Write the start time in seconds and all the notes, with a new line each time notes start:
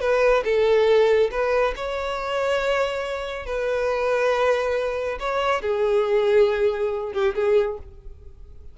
0.00 B4
0.44 A4
1.31 B4
1.76 C#5
3.46 B4
5.19 C#5
5.62 G#4
7.12 G4
7.34 G#4